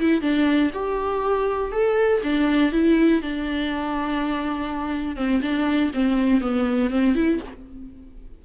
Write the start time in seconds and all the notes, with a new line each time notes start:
0.00 E4
0.22 D4
0.74 G4
1.72 A4
2.23 D4
2.73 E4
3.22 D4
5.16 C4
5.42 D4
5.94 C4
6.41 B3
6.90 C4
7.15 E4